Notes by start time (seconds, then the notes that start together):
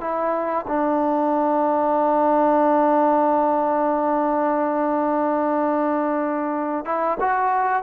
0.00 E4
0.67 D4
6.85 E4
7.19 F#4